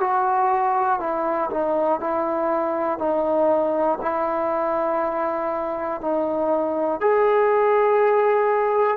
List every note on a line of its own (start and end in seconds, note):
0.00 1.00 F#4
1.00 1.50 E4
1.50 2.00 D#4
2.00 2.99 E4
2.99 3.99 D#4
4.01 6.00 E4
6.00 7.00 D#4
7.00 8.97 G#4